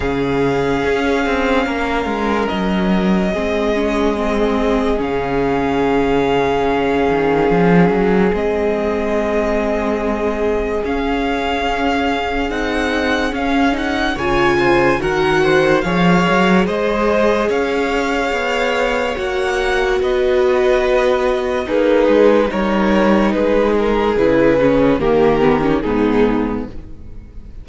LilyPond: <<
  \new Staff \with { instrumentName = "violin" } { \time 4/4 \tempo 4 = 72 f''2. dis''4~ | dis''2 f''2~ | f''2 dis''2~ | dis''4 f''2 fis''4 |
f''8 fis''8 gis''4 fis''4 f''4 | dis''4 f''2 fis''4 | dis''2 b'4 cis''4 | b'8 ais'8 b'4 ais'4 gis'4 | }
  \new Staff \with { instrumentName = "violin" } { \time 4/4 gis'2 ais'2 | gis'1~ | gis'1~ | gis'1~ |
gis'4 cis''8 c''8 ais'8 c''8 cis''4 | c''4 cis''2. | b'2 dis'4 ais'4 | gis'2 g'4 dis'4 | }
  \new Staff \with { instrumentName = "viola" } { \time 4/4 cis'1 | c'8 cis'8 c'4 cis'2~ | cis'2 c'2~ | c'4 cis'2 dis'4 |
cis'8 dis'8 f'4 fis'4 gis'4~ | gis'2. fis'4~ | fis'2 gis'4 dis'4~ | dis'4 e'8 cis'8 ais8 b16 cis'16 b4 | }
  \new Staff \with { instrumentName = "cello" } { \time 4/4 cis4 cis'8 c'8 ais8 gis8 fis4 | gis2 cis2~ | cis8 dis8 f8 fis8 gis2~ | gis4 cis'2 c'4 |
cis'4 cis4 dis4 f8 fis8 | gis4 cis'4 b4 ais4 | b2 ais8 gis8 g4 | gis4 cis4 dis4 gis,4 | }
>>